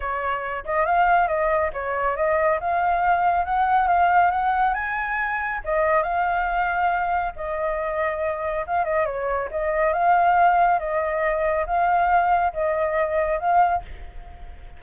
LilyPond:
\new Staff \with { instrumentName = "flute" } { \time 4/4 \tempo 4 = 139 cis''4. dis''8 f''4 dis''4 | cis''4 dis''4 f''2 | fis''4 f''4 fis''4 gis''4~ | gis''4 dis''4 f''2~ |
f''4 dis''2. | f''8 dis''8 cis''4 dis''4 f''4~ | f''4 dis''2 f''4~ | f''4 dis''2 f''4 | }